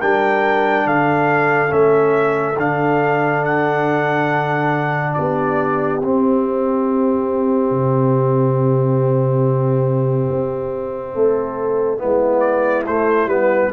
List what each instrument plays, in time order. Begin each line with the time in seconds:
0.00 tuba G3, trombone D4, horn A#4, trumpet G5
0.86 tuba D3, horn A4, trumpet F5
1.69 tuba A3, trombone C#4, trumpet E5
2.57 tuba D3, trombone D4, trumpet F5
3.45 trumpet F#5
5.13 tuba B3, horn G4, trumpet D5
5.99 tuba C4, trombone C4, trumpet E5
7.71 tuba C3
10.30 tuba C4
11.14 tuba A3, horn A4
11.98 tuba G#3, trombone B3, horn E4
12.40 trumpet D5
12.87 tuba A3, trombone A3, trumpet C5
13.26 tuba G3, trombone B3, trumpet B4